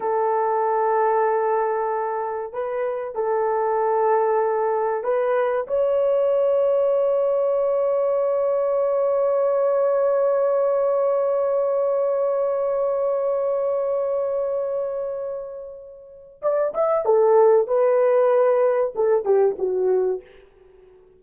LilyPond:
\new Staff \with { instrumentName = "horn" } { \time 4/4 \tempo 4 = 95 a'1 | b'4 a'2. | b'4 cis''2.~ | cis''1~ |
cis''1~ | cis''1~ | cis''2 d''8 e''8 a'4 | b'2 a'8 g'8 fis'4 | }